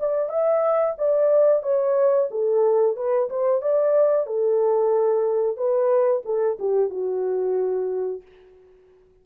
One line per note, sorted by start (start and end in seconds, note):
0.00 0.29 D5
0.29 0.95 E5
0.99 1.63 D5
1.63 2.29 C#5
2.31 2.97 A4
2.97 3.30 B4
3.30 3.62 C5
3.62 4.27 D5
4.27 5.57 A4
5.57 6.23 B4
6.25 6.58 A4
6.59 6.91 G4
6.91 8.22 F#4